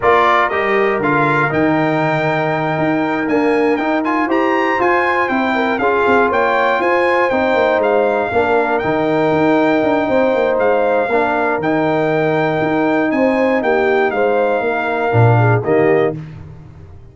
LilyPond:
<<
  \new Staff \with { instrumentName = "trumpet" } { \time 4/4 \tempo 4 = 119 d''4 dis''4 f''4 g''4~ | g''2~ g''8 gis''4 g''8 | gis''8 ais''4 gis''4 g''4 f''8~ | f''8 g''4 gis''4 g''4 f''8~ |
f''4. g''2~ g''8~ | g''4 f''2 g''4~ | g''2 gis''4 g''4 | f''2. dis''4 | }
  \new Staff \with { instrumentName = "horn" } { \time 4/4 ais'1~ | ais'1~ | ais'8 c''2~ c''8 ais'8 gis'8~ | gis'8 cis''4 c''2~ c''8~ |
c''8 ais'2.~ ais'8 | c''2 ais'2~ | ais'2 c''4 g'4 | c''4 ais'4. gis'8 g'4 | }
  \new Staff \with { instrumentName = "trombone" } { \time 4/4 f'4 g'4 f'4 dis'4~ | dis'2~ dis'8 ais4 dis'8 | f'8 g'4 f'4 e'4 f'8~ | f'2~ f'8 dis'4.~ |
dis'8 d'4 dis'2~ dis'8~ | dis'2 d'4 dis'4~ | dis'1~ | dis'2 d'4 ais4 | }
  \new Staff \with { instrumentName = "tuba" } { \time 4/4 ais4 g4 d4 dis4~ | dis4. dis'4 d'4 dis'8~ | dis'8 e'4 f'4 c'4 cis'8 | c'8 ais4 f'4 c'8 ais8 gis8~ |
gis8 ais4 dis4 dis'4 d'8 | c'8 ais8 gis4 ais4 dis4~ | dis4 dis'4 c'4 ais4 | gis4 ais4 ais,4 dis4 | }
>>